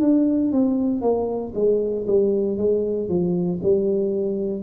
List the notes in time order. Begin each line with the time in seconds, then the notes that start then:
0.00 D4
0.52 C4
1.01 A#3
1.54 G#3
2.06 G3
2.57 G#3
3.08 F3
3.62 G3